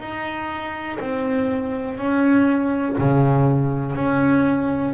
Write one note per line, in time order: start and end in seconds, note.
0.00 0.98 D#4
1.00 1.98 C4
1.98 2.96 C#4
2.98 3.96 C#3
3.96 4.94 C#4